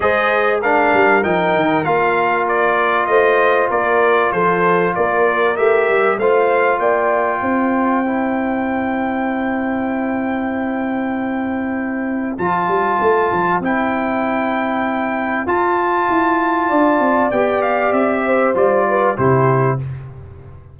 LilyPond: <<
  \new Staff \with { instrumentName = "trumpet" } { \time 4/4 \tempo 4 = 97 dis''4 f''4 g''4 f''4 | d''4 dis''4 d''4 c''4 | d''4 e''4 f''4 g''4~ | g''1~ |
g''1 | a''2 g''2~ | g''4 a''2. | g''8 f''8 e''4 d''4 c''4 | }
  \new Staff \with { instrumentName = "horn" } { \time 4/4 c''4 ais'2.~ | ais'4 c''4 ais'4 a'4 | ais'2 c''4 d''4 | c''1~ |
c''1~ | c''1~ | c''2. d''4~ | d''4. c''4 b'8 g'4 | }
  \new Staff \with { instrumentName = "trombone" } { \time 4/4 gis'4 d'4 dis'4 f'4~ | f'1~ | f'4 g'4 f'2~ | f'4 e'2.~ |
e'1 | f'2 e'2~ | e'4 f'2. | g'2 f'4 e'4 | }
  \new Staff \with { instrumentName = "tuba" } { \time 4/4 gis4. g8 f8 dis8 ais4~ | ais4 a4 ais4 f4 | ais4 a8 g8 a4 ais4 | c'1~ |
c'1 | f8 g8 a8 f8 c'2~ | c'4 f'4 e'4 d'8 c'8 | b4 c'4 g4 c4 | }
>>